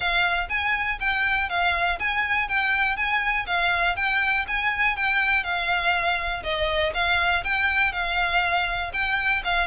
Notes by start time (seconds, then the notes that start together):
0.00 F5
0.49 G#5
1.00 G5
1.49 F5
1.99 G#5
2.48 G5
2.96 G#5
3.46 F5
3.96 G5
4.47 G#5
4.96 G5
5.43 F5
6.43 D#5
6.94 F5
7.44 G5
7.92 F5
8.93 G5
9.44 F5